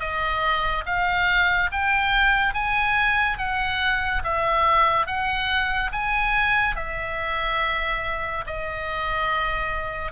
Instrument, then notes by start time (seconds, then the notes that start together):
oboe
0.00 D#5
0.86 F5
1.72 G5
2.54 G#5
3.38 F#5
4.24 E5
5.07 F#5
5.93 G#5
6.76 E5
8.47 D#5